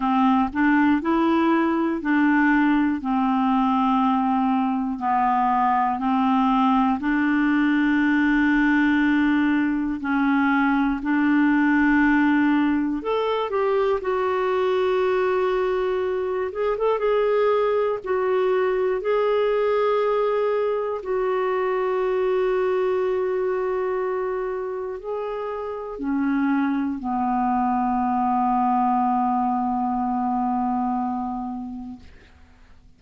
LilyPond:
\new Staff \with { instrumentName = "clarinet" } { \time 4/4 \tempo 4 = 60 c'8 d'8 e'4 d'4 c'4~ | c'4 b4 c'4 d'4~ | d'2 cis'4 d'4~ | d'4 a'8 g'8 fis'2~ |
fis'8 gis'16 a'16 gis'4 fis'4 gis'4~ | gis'4 fis'2.~ | fis'4 gis'4 cis'4 b4~ | b1 | }